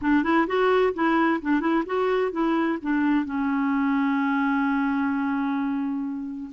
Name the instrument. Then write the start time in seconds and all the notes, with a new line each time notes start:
clarinet
0.01 D4
0.23 E4
0.47 F#4
0.93 E4
1.41 D4
1.60 E4
1.85 F#4
2.31 E4
2.82 D4
3.25 C#4